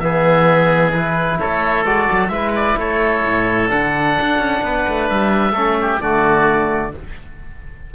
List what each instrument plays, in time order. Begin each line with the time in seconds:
0.00 cello E3, trombone B3, oboe G#4 E5
0.93 trombone E4, oboe B4
1.40 cello A3, oboe A4 C#5
1.85 cello G#3, trombone F#4, oboe D5
2.12 cello F#3
2.28 cello G#3, trombone E4, oboe B4 E5
2.56 oboe D5
2.77 cello A3, oboe A4 C#5
3.25 cello A2
3.68 cello D3, trombone D4, oboe F#5
4.21 cello D4
4.39 cello C#4
4.63 cello B3, oboe B4
4.89 cello A3
5.10 cello G3, oboe E5
5.53 cello A3, trombone C#4, oboe A4
5.82 oboe G4
6.01 cello D3, trombone A3, oboe F#4 D5